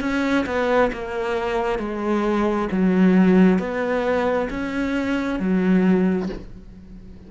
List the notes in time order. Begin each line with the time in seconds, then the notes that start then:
0.00 C#4
0.46 B3
0.92 A#3
1.78 G#3
2.72 F#3
3.59 B3
4.50 C#4
5.39 F#3